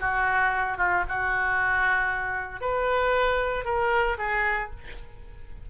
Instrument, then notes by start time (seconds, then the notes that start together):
oboe
0.00 F#4
0.78 F4
1.08 F#4
2.61 B4
3.65 A#4
4.18 G#4